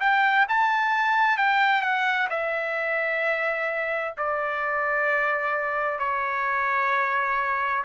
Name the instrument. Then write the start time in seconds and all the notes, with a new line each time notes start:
trumpet
0.00 G5
0.49 A5
1.37 G5
1.82 F#5
2.30 E5
4.17 D5
5.99 C#5